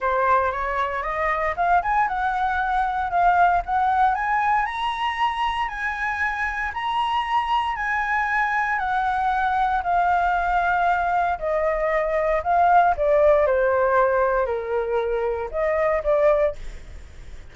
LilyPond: \new Staff \with { instrumentName = "flute" } { \time 4/4 \tempo 4 = 116 c''4 cis''4 dis''4 f''8 gis''8 | fis''2 f''4 fis''4 | gis''4 ais''2 gis''4~ | gis''4 ais''2 gis''4~ |
gis''4 fis''2 f''4~ | f''2 dis''2 | f''4 d''4 c''2 | ais'2 dis''4 d''4 | }